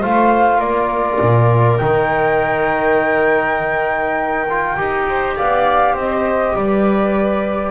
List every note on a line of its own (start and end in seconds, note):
0.00 0.60 A3
0.00 1.80 F4
0.00 0.58 C5
0.00 0.61 F5
0.58 1.19 A#3
0.58 5.03 A#4
0.58 1.78 D5
1.21 1.81 A#2
1.78 4.78 D#3
1.78 4.48 D#4
1.78 5.34 G5
4.50 4.77 F4
4.77 5.38 D#4
4.77 7.72 G4
5.09 5.37 C5
5.37 5.96 B3
5.37 5.93 D5
5.37 5.97 F5
5.93 6.55 C4
5.93 6.53 C5
5.93 6.56 D#5
6.56 7.72 G3
6.56 7.72 B4
6.56 7.72 D5